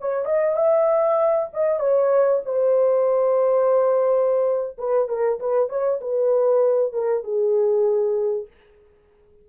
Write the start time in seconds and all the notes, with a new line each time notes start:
0.00 C#5
0.25 D#5
0.56 E5
1.53 D#5
1.79 C#5
2.45 C5
4.78 B4
5.08 A#4
5.39 B4
5.69 C#5
6.01 B4
6.93 A#4
7.23 G#4